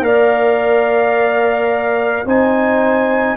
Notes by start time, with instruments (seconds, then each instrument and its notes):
0.00 tuba A#3, trombone A#4, horn D5, trumpet F5
2.25 tuba C4, trombone D#4, horn C5, trumpet G#5